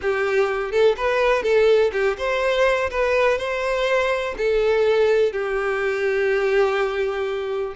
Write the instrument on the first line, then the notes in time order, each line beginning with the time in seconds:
violin
0.01 G4
0.71 A4
0.97 B4
1.43 A4
1.92 G4
2.17 C5
2.90 B4
3.38 C5
4.37 A4
5.32 G4